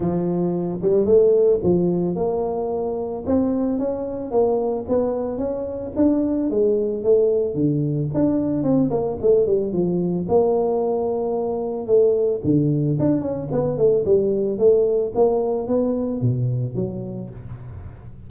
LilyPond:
\new Staff \with { instrumentName = "tuba" } { \time 4/4 \tempo 4 = 111 f4. g8 a4 f4 | ais2 c'4 cis'4 | ais4 b4 cis'4 d'4 | gis4 a4 d4 d'4 |
c'8 ais8 a8 g8 f4 ais4~ | ais2 a4 d4 | d'8 cis'8 b8 a8 g4 a4 | ais4 b4 b,4 fis4 | }